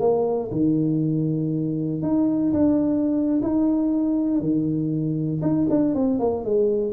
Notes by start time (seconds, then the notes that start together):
0.00 A#3
0.51 D#3
2.02 D#4
2.53 D4
3.42 D#4
4.40 D#3
5.42 D#4
5.70 D4
5.95 C4
6.20 A#3
6.45 G#3